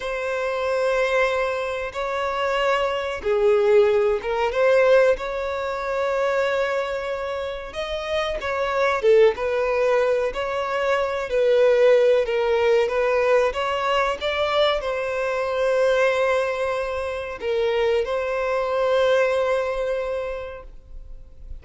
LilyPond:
\new Staff \with { instrumentName = "violin" } { \time 4/4 \tempo 4 = 93 c''2. cis''4~ | cis''4 gis'4. ais'8 c''4 | cis''1 | dis''4 cis''4 a'8 b'4. |
cis''4. b'4. ais'4 | b'4 cis''4 d''4 c''4~ | c''2. ais'4 | c''1 | }